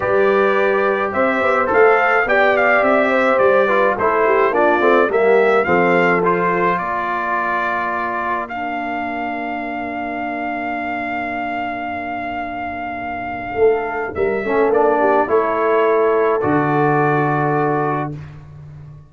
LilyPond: <<
  \new Staff \with { instrumentName = "trumpet" } { \time 4/4 \tempo 4 = 106 d''2 e''4 f''4 | g''8 f''8 e''4 d''4 c''4 | d''4 e''4 f''4 c''4 | d''2. f''4~ |
f''1~ | f''1~ | f''4 e''4 d''4 cis''4~ | cis''4 d''2. | }
  \new Staff \with { instrumentName = "horn" } { \time 4/4 b'2 c''2 | d''4. c''4 b'8 a'8 g'8 | f'4 g'4 a'2 | ais'1~ |
ais'1~ | ais'1 | a'4 ais'8 a'4 g'8 a'4~ | a'1 | }
  \new Staff \with { instrumentName = "trombone" } { \time 4/4 g'2. a'4 | g'2~ g'8 f'8 e'4 | d'8 c'8 ais4 c'4 f'4~ | f'2. d'4~ |
d'1~ | d'1~ | d'4. cis'8 d'4 e'4~ | e'4 fis'2. | }
  \new Staff \with { instrumentName = "tuba" } { \time 4/4 g2 c'8 b8 a4 | b4 c'4 g4 a4 | ais8 a8 g4 f2 | ais1~ |
ais1~ | ais1 | a4 g8 a8 ais4 a4~ | a4 d2. | }
>>